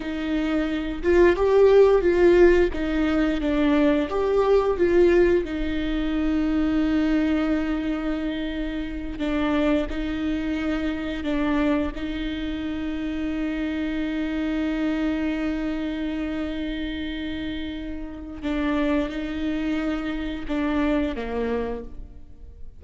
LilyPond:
\new Staff \with { instrumentName = "viola" } { \time 4/4 \tempo 4 = 88 dis'4. f'8 g'4 f'4 | dis'4 d'4 g'4 f'4 | dis'1~ | dis'4. d'4 dis'4.~ |
dis'8 d'4 dis'2~ dis'8~ | dis'1~ | dis'2. d'4 | dis'2 d'4 ais4 | }